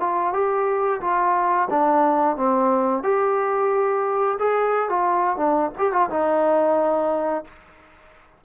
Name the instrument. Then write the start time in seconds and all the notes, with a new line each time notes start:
trombone
0.00 F4
0.33 G4
1.01 F4
1.70 D4
2.36 C4
3.03 G4
4.39 G#4
4.89 F4
5.37 D4
5.78 G4
5.92 F4
6.09 D#4